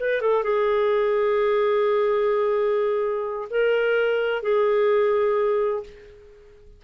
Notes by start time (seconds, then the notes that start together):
0.00 B4
0.22 A4
0.44 G#4
3.50 A#4
4.43 G#4